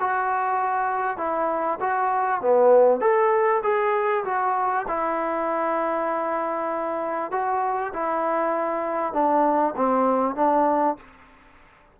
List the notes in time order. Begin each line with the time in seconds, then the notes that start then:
0.00 F#4
1.17 E4
1.80 F#4
2.41 B3
3.00 A4
3.63 G#4
4.24 F#4
4.88 E4
7.31 F#4
7.93 E4
9.13 D4
9.76 C4
10.35 D4